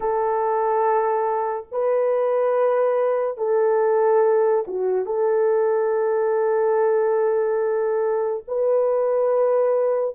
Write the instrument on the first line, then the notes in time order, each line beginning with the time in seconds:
horn
0.00 A4
1.71 B4
3.37 A4
4.67 F#4
5.05 A4
8.47 B4